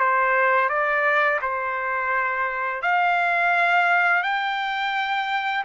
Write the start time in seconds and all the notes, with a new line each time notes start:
0.00 C5
0.69 D5
1.42 C5
2.82 F5
4.23 G5